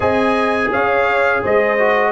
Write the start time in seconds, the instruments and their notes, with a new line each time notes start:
0.00 tuba C4, trombone G#4, horn D#5, trumpet G#5
0.71 tuba C#4, horn C#5, trumpet F5
1.43 tuba G#3, horn C5, trumpet D#5
1.78 trombone F#4